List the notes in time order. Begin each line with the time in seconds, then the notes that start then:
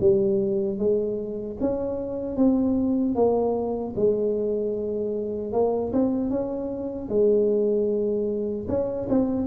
0.00 G3
0.78 G#3
1.60 C#4
2.36 C4
3.15 A#3
3.96 G#3
5.52 A#3
5.92 C4
6.29 C#4
7.08 G#3
8.68 C#4
9.09 C4